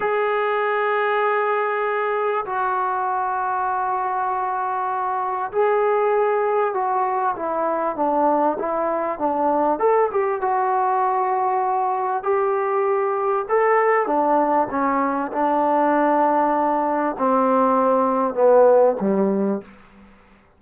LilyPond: \new Staff \with { instrumentName = "trombone" } { \time 4/4 \tempo 4 = 98 gis'1 | fis'1~ | fis'4 gis'2 fis'4 | e'4 d'4 e'4 d'4 |
a'8 g'8 fis'2. | g'2 a'4 d'4 | cis'4 d'2. | c'2 b4 g4 | }